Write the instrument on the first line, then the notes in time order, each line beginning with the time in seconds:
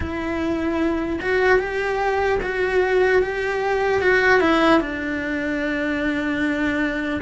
cello
0.00 E4
1.21 F#4
1.59 G4
2.42 F#4
3.22 G4
4.01 F#4
4.40 E4
4.80 D4